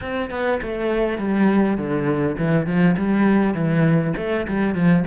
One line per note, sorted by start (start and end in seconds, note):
0.01 0.30 C4
0.30 0.60 B3
0.62 1.17 A3
1.17 1.77 G3
1.77 2.36 D3
2.37 2.66 E3
2.66 2.96 F3
2.97 3.54 G3
3.54 4.13 E3
4.17 4.46 A3
4.47 4.74 G3
4.74 5.04 F3